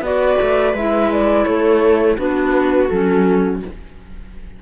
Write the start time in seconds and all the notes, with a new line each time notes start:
0.00 B3 F#4 B4 D5
0.41 A3
0.74 G#3 E4 E5
1.12 D5
1.44 A3 A4 C#5
2.17 B3 D4 F#4 B4
2.88 F#3 C#4 A4